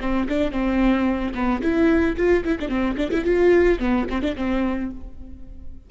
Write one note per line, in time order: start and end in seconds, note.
0.00 0.27 C4
0.28 0.51 D4
0.51 1.33 C4
1.34 1.61 B3
1.61 2.16 E4
2.16 2.43 F4
2.44 2.58 E4
2.60 2.68 D4
2.68 2.96 C4
2.97 3.10 D4
3.10 3.24 E4
3.24 3.79 F4
3.79 4.06 B3
4.09 4.21 C4
4.21 4.35 D4
4.35 4.90 C4